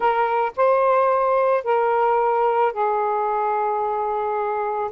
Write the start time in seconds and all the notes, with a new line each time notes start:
0.00 A#4
0.56 C5
1.64 A#4
2.72 G#4